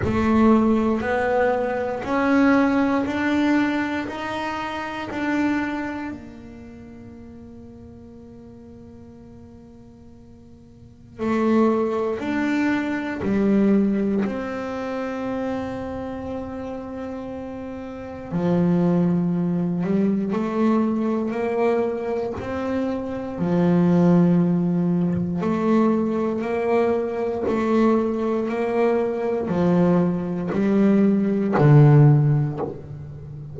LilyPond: \new Staff \with { instrumentName = "double bass" } { \time 4/4 \tempo 4 = 59 a4 b4 cis'4 d'4 | dis'4 d'4 ais2~ | ais2. a4 | d'4 g4 c'2~ |
c'2 f4. g8 | a4 ais4 c'4 f4~ | f4 a4 ais4 a4 | ais4 f4 g4 d4 | }